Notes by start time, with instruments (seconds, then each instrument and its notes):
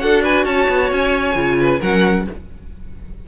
0.00 cello D4, viola F#4, violin A4 F#5
0.23 violin B4 G#5
0.46 cello C#4, violin C#5 A5
0.69 cello B3
0.92 cello C#4, violin G#5
1.35 cello C#3, viola F4
1.60 violin B4
1.80 cello F#3, viola C#4, violin A#4 F#5